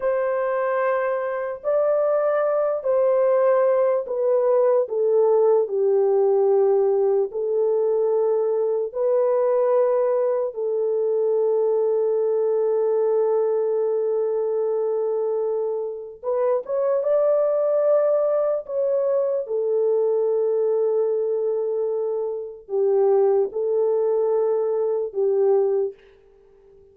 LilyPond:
\new Staff \with { instrumentName = "horn" } { \time 4/4 \tempo 4 = 74 c''2 d''4. c''8~ | c''4 b'4 a'4 g'4~ | g'4 a'2 b'4~ | b'4 a'2.~ |
a'1 | b'8 cis''8 d''2 cis''4 | a'1 | g'4 a'2 g'4 | }